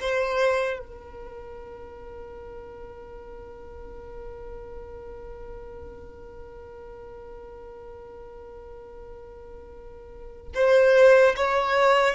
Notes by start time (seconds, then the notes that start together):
0.00 C5
0.79 A#4
10.54 C5
11.36 C#5